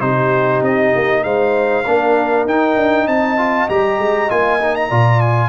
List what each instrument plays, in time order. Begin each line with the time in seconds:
0.00 tuba C3, trombone D#4, horn G4, trumpet C5
0.61 tuba C4, trumpet D#5
0.95 tuba A#3
1.23 tuba G#3, horn C5, trumpet F5
1.85 tuba A#3, trombone D4, horn A#4
2.45 tuba D#4, trombone D#4, trumpet G5
2.76 tuba D4
3.07 tuba C4, horn D#5, trumpet A5
3.37 trombone F4
3.68 tuba G3, trombone G4, trumpet A#5
3.98 tuba G#3
4.29 tuba A#3, trombone F4, trumpet G#5
4.60 trombone D#4
4.75 trumpet A#5
4.89 tuba A#2, trombone F4, horn D5
5.20 trumpet G#5